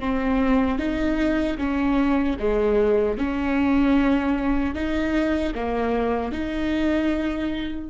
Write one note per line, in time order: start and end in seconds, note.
0.00 0.79 C4
0.79 1.58 D#4
1.58 2.37 C#4
2.39 3.18 G#3
3.18 4.75 C#4
4.75 5.54 D#4
5.55 6.32 A#3
6.32 7.90 D#4